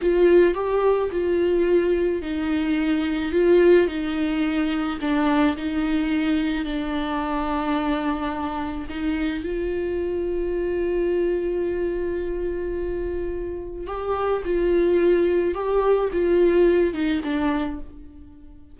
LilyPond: \new Staff \with { instrumentName = "viola" } { \time 4/4 \tempo 4 = 108 f'4 g'4 f'2 | dis'2 f'4 dis'4~ | dis'4 d'4 dis'2 | d'1 |
dis'4 f'2.~ | f'1~ | f'4 g'4 f'2 | g'4 f'4. dis'8 d'4 | }